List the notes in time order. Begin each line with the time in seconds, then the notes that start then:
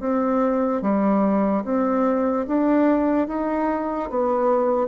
0.00 C4
0.82 G3
1.64 C4
2.47 D4
3.28 D#4
4.10 B3